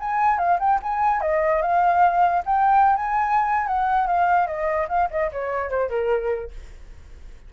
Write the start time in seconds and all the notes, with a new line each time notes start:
0.00 G#5
0.38 F5
0.60 G5
0.83 G#5
1.21 D#5
1.62 F5
2.45 G5
2.96 G#5
3.67 F#5
4.07 F5
4.47 D#5
4.88 F5
5.11 D#5
5.32 C#5
5.70 C5
5.89 A#4